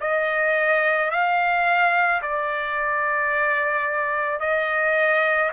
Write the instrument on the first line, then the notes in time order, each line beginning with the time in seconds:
trumpet
0.00 D#5
1.10 F5
2.22 D5
4.39 D#5